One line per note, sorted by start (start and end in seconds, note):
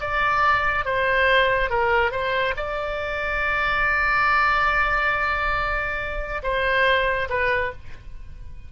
0.00 0.85 D5
0.85 1.70 C5
1.70 2.12 A#4
2.12 2.54 C5
2.57 6.42 D5
6.43 7.29 C5
7.29 7.72 B4